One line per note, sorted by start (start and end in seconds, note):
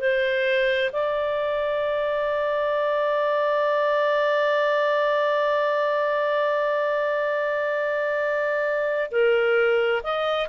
0.00 0.91 C5
0.92 9.10 D5
9.11 10.02 A#4
10.03 10.48 D#5